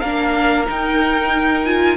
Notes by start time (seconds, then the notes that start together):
0.00 A#3 D4 A#4 F5
0.66 D#4 G5
1.65 F4 G#5